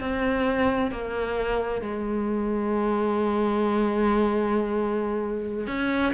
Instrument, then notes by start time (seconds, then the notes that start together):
cello
0.00 C4
0.91 A#3
1.81 G#3
5.67 C#4